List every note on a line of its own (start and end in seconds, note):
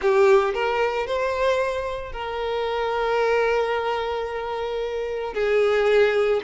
0.01 0.54 G4
0.54 1.06 A#4
1.06 2.12 C5
2.12 5.33 A#4
5.33 6.40 G#4